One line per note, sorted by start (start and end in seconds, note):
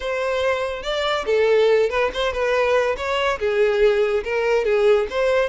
0.00 0.82 C5
0.82 1.25 D5
1.26 1.89 A4
1.89 2.10 B4
2.13 2.32 C5
2.32 2.96 B4
2.96 3.38 C#5
3.39 4.23 G#4
4.24 4.64 A#4
4.64 5.07 G#4
5.10 5.49 C5